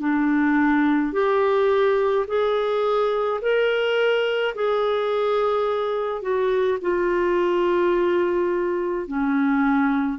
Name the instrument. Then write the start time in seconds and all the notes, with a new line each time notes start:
clarinet
0.00 D4
1.12 G4
2.27 G#4
3.41 A#4
4.55 G#4
6.22 F#4
6.81 F4
9.07 C#4